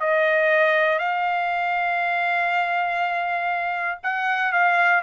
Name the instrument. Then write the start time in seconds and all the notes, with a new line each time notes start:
trumpet
0.00 D#5
0.99 F5
4.03 F#5
4.52 F5